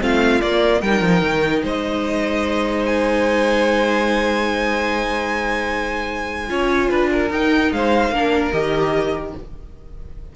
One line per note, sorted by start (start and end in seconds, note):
0.00 0.42 A3
0.00 0.41 C4
0.00 0.82 F4
0.00 0.41 F5
0.41 0.82 A#3
0.41 0.83 A#3
0.41 0.81 D5
0.82 1.01 G3
0.82 6.48 D#4
0.82 1.63 A#4
0.82 1.63 G5
1.01 1.21 F3
1.22 1.62 D#3
1.63 6.49 G#3
1.63 6.49 C5
1.63 2.86 D#5
2.86 7.32 G#5
6.48 6.90 C#4
6.48 7.29 F4
6.48 6.90 C#5
6.90 7.31 D4
6.90 7.10 B4
7.12 7.73 A#4
7.31 7.71 D#4
7.31 8.13 D#4
7.31 7.73 G5
7.72 8.10 G#3
7.72 8.14 C5
7.72 8.52 F5
8.10 8.51 A#3
8.10 8.53 D4
8.10 9.36 A#4
8.52 9.34 D#3
8.52 9.34 G4
8.52 9.33 D#5